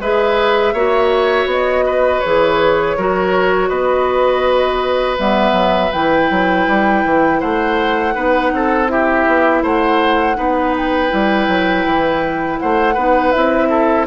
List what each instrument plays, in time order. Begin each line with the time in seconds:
0.00 bassoon G#3, clarinet G#4, oboe B4, flute E5
0.73 bassoon A#3, clarinet F#4, oboe C#5
1.46 bassoon B3, flute D#5
1.86 oboe B4
2.20 bassoon E3, clarinet G#4, flute C#5
2.97 bassoon F#3, clarinet F#4, oboe A#4
3.69 bassoon B3, oboe B4, flute D#5
5.17 bassoon G3, clarinet B3, flute E5
5.53 bassoon F#3
5.92 bassoon E3, clarinet E4, flute G5
6.31 bassoon F#3
6.68 bassoon G3
7.05 bassoon E3
7.40 bassoon A3, oboe C5, flute F#5
8.15 bassoon B3, clarinet D#4, oboe B4
8.53 bassoon C4, oboe A4
8.87 clarinet E4, oboe G4, flute E5
9.27 bassoon B3
9.63 bassoon A3, oboe C5, flute F#5
10.35 bassoon B3, clarinet D#4, oboe B4
10.77 flute G5
11.09 bassoon G3, clarinet E4
11.48 bassoon F#3
11.85 bassoon E3
12.60 bassoon A3, oboe C5, flute F#5
12.94 bassoon B3, clarinet D#4, oboe B4
13.32 bassoon C4, clarinet E4, flute E5
13.70 oboe A4